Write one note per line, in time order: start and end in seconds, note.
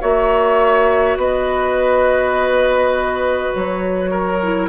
0.00 1.17 A#3
0.00 4.41 F#4
0.00 1.18 C#5
0.00 1.18 E5
1.17 3.52 B3
1.17 4.11 B4
1.17 3.53 D#5
3.53 4.69 F#3
3.53 4.69 C#5
4.11 4.69 A#4
4.43 4.69 E4